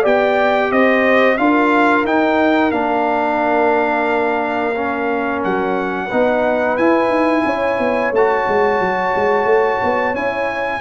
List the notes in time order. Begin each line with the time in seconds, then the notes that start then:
0.00 B3 G4 D5 G5
0.71 C4 C5 D#5
1.37 D4 F4 A#4 F5
2.04 D#4 G5
2.71 A#3 D4 F5
4.75 C#4
5.44 F#3 F#5
6.07 B3 D#4 B4
6.77 E4 G#5
7.08 D#4
7.45 C#4 C#5
7.78 B3
8.11 A3 F#4 A5
8.48 G#3
8.80 F#3
9.15 G#3
9.45 A3
9.83 B3
10.14 C#4 E4 G#5